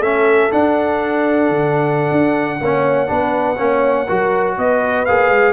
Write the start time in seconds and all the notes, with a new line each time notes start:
0.00 A3 C#4 A4 E5
0.51 D4 F#5
1.50 D3
2.12 D4
2.61 A#3 C#4 C#5
3.07 B3 D4 B4
3.58 A#3 C#4 C#5
4.06 F#3 F#4 A#4
4.58 B3 B4 D#5
5.06 A#3 G#4 F5
5.30 G#3